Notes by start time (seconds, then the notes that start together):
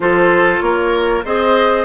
0.00 F3 F4 A4 C5
0.60 A#3 A#4 C#5
1.24 C4 G#4 C5 D#5